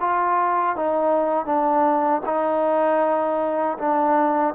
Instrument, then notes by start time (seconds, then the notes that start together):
trombone
0.00 F4
0.76 D#4
1.46 D4
2.25 D#4
3.78 D4